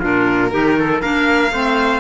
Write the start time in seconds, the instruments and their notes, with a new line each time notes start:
0.00 cello A#2, clarinet D4, trumpet F4, violin A#4
0.51 cello D#3, clarinet D#4, trumpet G4
0.80 trumpet A4
1.01 cello A#3, clarinet D4, trumpet A#4, violin F5
1.52 cello A3, clarinet C4, trumpet C5